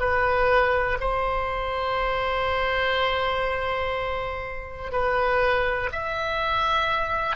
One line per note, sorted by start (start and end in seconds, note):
0.00 0.98 B4
1.00 4.92 C5
4.92 5.90 B4
5.92 7.36 E5